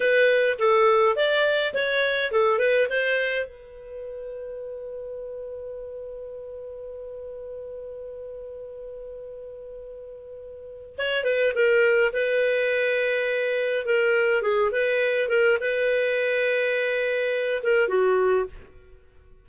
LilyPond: \new Staff \with { instrumentName = "clarinet" } { \time 4/4 \tempo 4 = 104 b'4 a'4 d''4 cis''4 | a'8 b'8 c''4 b'2~ | b'1~ | b'1~ |
b'2. cis''8 b'8 | ais'4 b'2. | ais'4 gis'8 b'4 ais'8 b'4~ | b'2~ b'8 ais'8 fis'4 | }